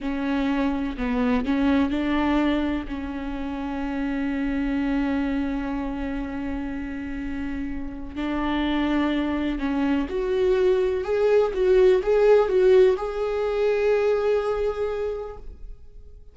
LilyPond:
\new Staff \with { instrumentName = "viola" } { \time 4/4 \tempo 4 = 125 cis'2 b4 cis'4 | d'2 cis'2~ | cis'1~ | cis'1~ |
cis'4 d'2. | cis'4 fis'2 gis'4 | fis'4 gis'4 fis'4 gis'4~ | gis'1 | }